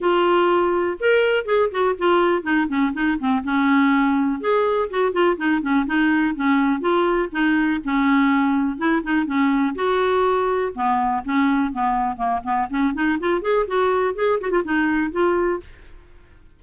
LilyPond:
\new Staff \with { instrumentName = "clarinet" } { \time 4/4 \tempo 4 = 123 f'2 ais'4 gis'8 fis'8 | f'4 dis'8 cis'8 dis'8 c'8 cis'4~ | cis'4 gis'4 fis'8 f'8 dis'8 cis'8 | dis'4 cis'4 f'4 dis'4 |
cis'2 e'8 dis'8 cis'4 | fis'2 b4 cis'4 | b4 ais8 b8 cis'8 dis'8 f'8 gis'8 | fis'4 gis'8 fis'16 f'16 dis'4 f'4 | }